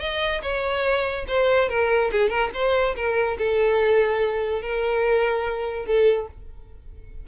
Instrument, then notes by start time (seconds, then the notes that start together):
violin
0.00 D#5
0.43 C#5
1.28 C5
1.70 A#4
2.12 G#4
2.30 A#4
2.54 C5
2.96 A#4
3.38 A4
4.62 A#4
5.86 A4